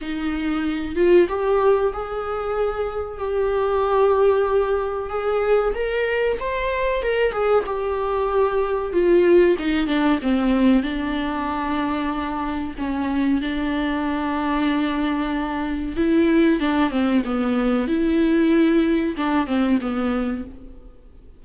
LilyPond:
\new Staff \with { instrumentName = "viola" } { \time 4/4 \tempo 4 = 94 dis'4. f'8 g'4 gis'4~ | gis'4 g'2. | gis'4 ais'4 c''4 ais'8 gis'8 | g'2 f'4 dis'8 d'8 |
c'4 d'2. | cis'4 d'2.~ | d'4 e'4 d'8 c'8 b4 | e'2 d'8 c'8 b4 | }